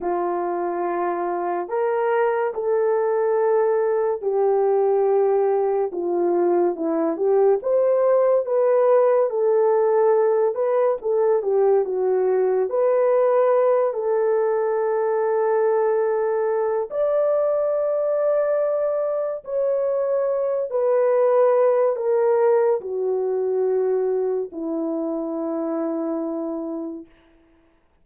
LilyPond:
\new Staff \with { instrumentName = "horn" } { \time 4/4 \tempo 4 = 71 f'2 ais'4 a'4~ | a'4 g'2 f'4 | e'8 g'8 c''4 b'4 a'4~ | a'8 b'8 a'8 g'8 fis'4 b'4~ |
b'8 a'2.~ a'8 | d''2. cis''4~ | cis''8 b'4. ais'4 fis'4~ | fis'4 e'2. | }